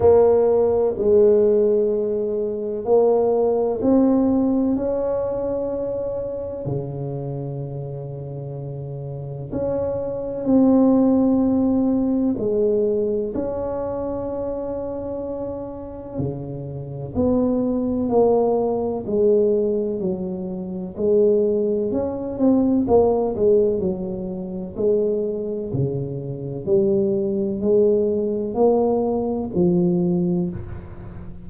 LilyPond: \new Staff \with { instrumentName = "tuba" } { \time 4/4 \tempo 4 = 63 ais4 gis2 ais4 | c'4 cis'2 cis4~ | cis2 cis'4 c'4~ | c'4 gis4 cis'2~ |
cis'4 cis4 b4 ais4 | gis4 fis4 gis4 cis'8 c'8 | ais8 gis8 fis4 gis4 cis4 | g4 gis4 ais4 f4 | }